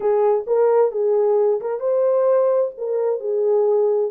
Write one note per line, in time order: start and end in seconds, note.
0.00 0.45 G#4
0.46 0.91 A#4
0.91 1.60 G#4
1.61 1.79 A#4
1.79 2.71 C5
2.77 3.20 A#4
3.20 4.10 G#4